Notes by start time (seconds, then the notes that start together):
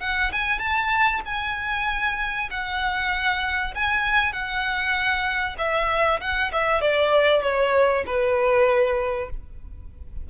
0.00 F#5
0.32 G#5
0.58 A5
1.25 G#5
2.50 F#5
3.74 G#5
4.32 F#5
5.58 E5
6.20 F#5
6.52 E5
6.81 D5
7.42 C#5
8.06 B4